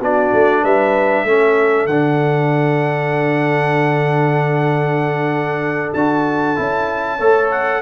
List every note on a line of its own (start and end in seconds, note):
0.00 0.32 B3
0.00 1.27 D4
0.00 0.62 F#4
0.00 0.65 D5
0.33 0.64 A3
0.63 1.24 G3
0.63 1.25 B4
0.63 1.87 E5
1.24 1.86 A3
1.24 1.90 C#4
1.24 7.19 A4
1.86 5.92 D3
1.86 5.97 D4
1.86 5.93 F#5
5.94 6.58 D4
5.94 6.56 F#4
5.94 7.50 A5
6.56 7.20 C#4
6.56 7.19 E4
7.19 7.82 A3
7.19 7.82 A4
7.19 7.81 C#5
7.51 7.82 F#5